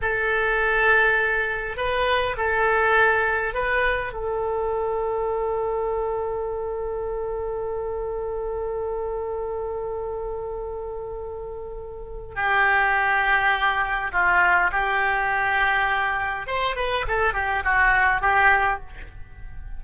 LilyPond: \new Staff \with { instrumentName = "oboe" } { \time 4/4 \tempo 4 = 102 a'2. b'4 | a'2 b'4 a'4~ | a'1~ | a'1~ |
a'1~ | a'4 g'2. | f'4 g'2. | c''8 b'8 a'8 g'8 fis'4 g'4 | }